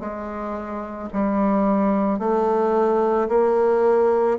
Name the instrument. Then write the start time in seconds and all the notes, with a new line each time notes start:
bassoon
0.00 G#3
1.14 G3
2.20 A3
3.29 A#3